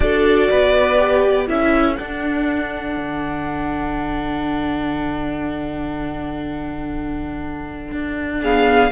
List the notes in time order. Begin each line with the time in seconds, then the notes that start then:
0.00 D4 F#4 A4 D5
0.49 B3 B4
0.97 G4
1.47 C#4 E4 A4 E5
1.95 D4 F#5
2.96 D3
7.91 D4
8.42 B3 G#4 F5